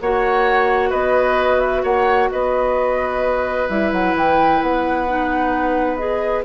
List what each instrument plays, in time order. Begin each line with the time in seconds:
0.00 bassoon A#3, clarinet F#4, oboe C#5, flute F#5
0.89 bassoon B3, oboe B4, flute D#5
1.60 flute E5
1.83 bassoon A#3, oboe C#5, flute F#5
2.30 bassoon B3, oboe B4, flute D#5
3.68 bassoon G3, clarinet E4, flute E5
3.92 bassoon F#3, flute F#5
4.14 bassoon E3, flute G5
4.61 bassoon B3, flute F#5
5.08 clarinet D#4
5.96 clarinet G#4, flute D#5